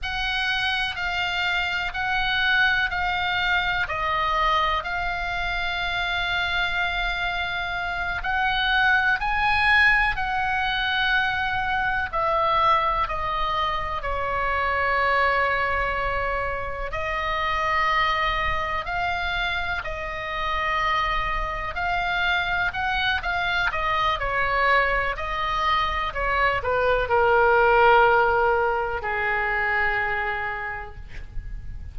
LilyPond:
\new Staff \with { instrumentName = "oboe" } { \time 4/4 \tempo 4 = 62 fis''4 f''4 fis''4 f''4 | dis''4 f''2.~ | f''8 fis''4 gis''4 fis''4.~ | fis''8 e''4 dis''4 cis''4.~ |
cis''4. dis''2 f''8~ | f''8 dis''2 f''4 fis''8 | f''8 dis''8 cis''4 dis''4 cis''8 b'8 | ais'2 gis'2 | }